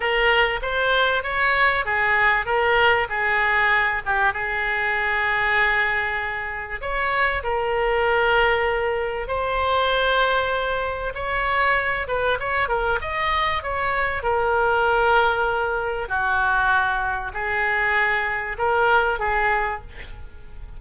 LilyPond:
\new Staff \with { instrumentName = "oboe" } { \time 4/4 \tempo 4 = 97 ais'4 c''4 cis''4 gis'4 | ais'4 gis'4. g'8 gis'4~ | gis'2. cis''4 | ais'2. c''4~ |
c''2 cis''4. b'8 | cis''8 ais'8 dis''4 cis''4 ais'4~ | ais'2 fis'2 | gis'2 ais'4 gis'4 | }